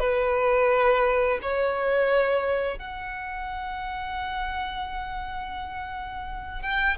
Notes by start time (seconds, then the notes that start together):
0.00 B4
1.42 C#5
2.79 F#5
6.62 G5